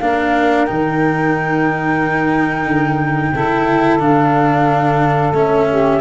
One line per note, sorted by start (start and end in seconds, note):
0.00 0.69 A#3
0.00 0.67 D4
0.00 3.33 A#4
0.00 0.66 F5
0.66 2.65 D#3
0.66 3.34 D#4
0.66 3.99 G5
2.65 3.32 D3
3.33 4.00 C#3
3.33 4.00 E4
3.33 5.67 A4
4.00 5.33 D3
4.00 5.33 D4
4.00 5.34 F5
5.33 6.00 A3
5.33 6.01 C#4
5.33 6.02 E5
5.70 6.02 G4